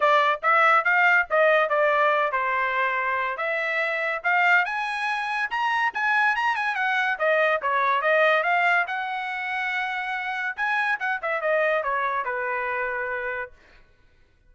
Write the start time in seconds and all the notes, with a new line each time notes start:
0.00 D5
0.42 E5
0.84 F5
1.30 D#5
1.69 D5
2.32 C5
3.37 E5
4.23 F5
4.65 G#5
5.50 A#5
5.94 G#5
6.35 A#5
6.55 G#5
6.75 F#5
7.18 D#5
7.62 C#5
8.01 D#5
8.43 F5
8.87 F#5
10.56 G#5
10.99 F#5
11.22 E5
11.41 D#5
11.83 C#5
12.24 B4